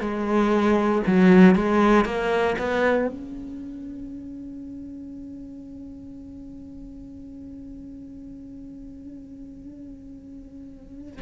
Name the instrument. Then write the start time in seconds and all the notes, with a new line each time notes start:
cello
0.00 G#3
1.06 F#3
1.55 G#3
2.05 A#3
2.58 B3
3.07 C#4